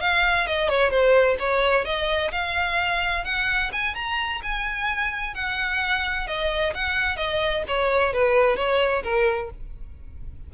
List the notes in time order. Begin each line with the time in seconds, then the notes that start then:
0.00 F5
0.47 D#5
0.68 C#5
0.90 C5
1.39 C#5
1.85 D#5
2.32 F5
3.24 F#5
3.72 G#5
3.95 A#5
4.42 G#5
5.34 F#5
6.27 D#5
6.74 F#5
7.16 D#5
7.67 C#5
8.13 B4
8.56 C#5
9.03 A#4